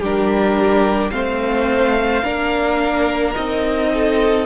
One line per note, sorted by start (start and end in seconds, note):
0.00 1.11 G3
0.00 1.12 D4
0.00 1.11 G4
0.00 1.11 A#4
1.11 2.23 A3
1.11 2.23 C4
1.11 2.24 C5
1.11 3.33 F5
2.24 3.35 A#3
2.24 3.34 D4
2.24 3.91 A#4
3.34 4.46 C4
3.34 4.45 D#4
3.34 4.46 D#5
3.94 4.46 A4